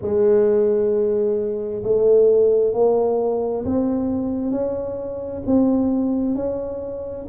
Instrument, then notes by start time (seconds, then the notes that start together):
tuba
0.01 G#3
1.83 A3
2.73 A#3
3.64 C4
4.51 C#4
5.46 C4
6.35 C#4